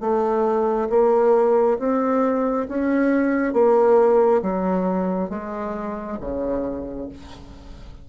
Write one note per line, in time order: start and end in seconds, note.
0.00 0.88 A3
0.90 1.78 A#3
1.79 2.67 C4
2.68 3.53 C#4
3.53 4.42 A#3
4.42 5.29 F#3
5.29 6.18 G#3
6.20 7.09 C#3